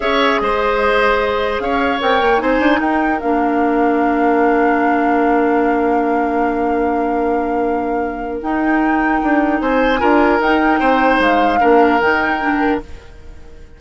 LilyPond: <<
  \new Staff \with { instrumentName = "flute" } { \time 4/4 \tempo 4 = 150 e''4 dis''2. | f''4 g''4 gis''4 g''4 | f''1~ | f''1~ |
f''1~ | f''4 g''2. | gis''2 g''2 | f''2 g''2 | }
  \new Staff \with { instrumentName = "oboe" } { \time 4/4 cis''4 c''2. | cis''2 c''4 ais'4~ | ais'1~ | ais'1~ |
ais'1~ | ais'1 | c''4 ais'2 c''4~ | c''4 ais'2. | }
  \new Staff \with { instrumentName = "clarinet" } { \time 4/4 gis'1~ | gis'4 ais'4 dis'2 | d'1~ | d'1~ |
d'1~ | d'4 dis'2.~ | dis'4 f'4 dis'2~ | dis'4 d'4 dis'4 d'4 | }
  \new Staff \with { instrumentName = "bassoon" } { \time 4/4 cis'4 gis2. | cis'4 c'8 ais8 c'8 d'8 dis'4 | ais1~ | ais1~ |
ais1~ | ais4 dis'2 d'4 | c'4 d'4 dis'4 c'4 | gis4 ais4 dis2 | }
>>